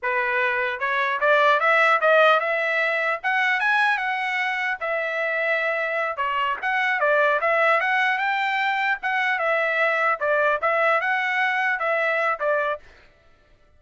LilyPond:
\new Staff \with { instrumentName = "trumpet" } { \time 4/4 \tempo 4 = 150 b'2 cis''4 d''4 | e''4 dis''4 e''2 | fis''4 gis''4 fis''2 | e''2.~ e''8 cis''8~ |
cis''8 fis''4 d''4 e''4 fis''8~ | fis''8 g''2 fis''4 e''8~ | e''4. d''4 e''4 fis''8~ | fis''4. e''4. d''4 | }